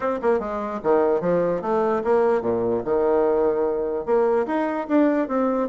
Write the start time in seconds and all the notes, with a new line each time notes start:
0.00 C4
0.22 A#3
0.39 G#3
0.83 D#3
1.21 F3
1.61 A3
2.04 A#3
2.41 A#2
2.84 D#3
4.05 A#3
4.46 D#4
4.87 D4
5.28 C4